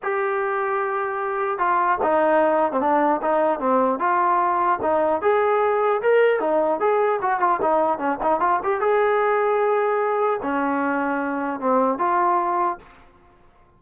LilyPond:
\new Staff \with { instrumentName = "trombone" } { \time 4/4 \tempo 4 = 150 g'1 | f'4 dis'4.~ dis'16 c'16 d'4 | dis'4 c'4 f'2 | dis'4 gis'2 ais'4 |
dis'4 gis'4 fis'8 f'8 dis'4 | cis'8 dis'8 f'8 g'8 gis'2~ | gis'2 cis'2~ | cis'4 c'4 f'2 | }